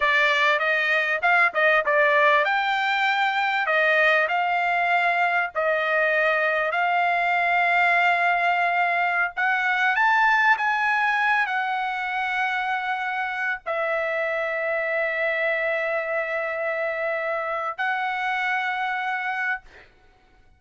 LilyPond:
\new Staff \with { instrumentName = "trumpet" } { \time 4/4 \tempo 4 = 98 d''4 dis''4 f''8 dis''8 d''4 | g''2 dis''4 f''4~ | f''4 dis''2 f''4~ | f''2.~ f''16 fis''8.~ |
fis''16 a''4 gis''4. fis''4~ fis''16~ | fis''2~ fis''16 e''4.~ e''16~ | e''1~ | e''4 fis''2. | }